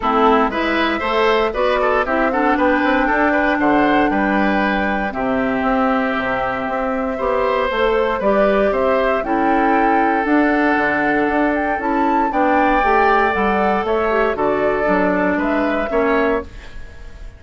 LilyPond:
<<
  \new Staff \with { instrumentName = "flute" } { \time 4/4 \tempo 4 = 117 a'4 e''2 d''4 | e''8 fis''8 g''2 fis''4 | g''2 e''2~ | e''2. c''4 |
d''4 e''4 g''2 | fis''2~ fis''8 g''8 a''4 | g''2 fis''4 e''4 | d''2 e''2 | }
  \new Staff \with { instrumentName = "oboe" } { \time 4/4 e'4 b'4 c''4 b'8 a'8 | g'8 a'8 b'4 a'8 b'8 c''4 | b'2 g'2~ | g'2 c''2 |
b'4 c''4 a'2~ | a'1 | d''2. cis''4 | a'2 b'4 cis''4 | }
  \new Staff \with { instrumentName = "clarinet" } { \time 4/4 c'4 e'4 a'4 fis'4 | e'8 d'2.~ d'8~ | d'2 c'2~ | c'2 g'4 a'4 |
g'2 e'2 | d'2. e'4 | d'4 g'4 a'4. g'8 | fis'4 d'2 cis'4 | }
  \new Staff \with { instrumentName = "bassoon" } { \time 4/4 a4 gis4 a4 b4 | c'4 b8 c'8 d'4 d4 | g2 c4 c'4 | c4 c'4 b4 a4 |
g4 c'4 cis'2 | d'4 d4 d'4 cis'4 | b4 a4 g4 a4 | d4 fis4 gis4 ais4 | }
>>